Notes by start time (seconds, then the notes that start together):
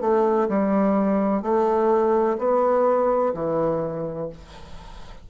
0.00 A3
0.48 G3
1.42 A3
2.38 B3
3.33 E3